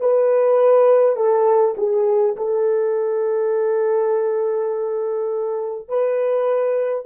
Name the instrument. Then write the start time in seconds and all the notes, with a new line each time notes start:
horn
0.00 B4
1.16 A4
1.77 G#4
2.36 A4
5.88 B4